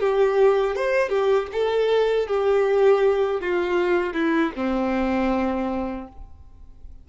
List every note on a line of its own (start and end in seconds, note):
0.00 0.76 G4
0.76 1.09 C5
1.09 1.47 G4
1.53 2.28 A4
2.28 3.41 G4
3.41 4.14 F4
4.14 4.52 E4
4.56 6.08 C4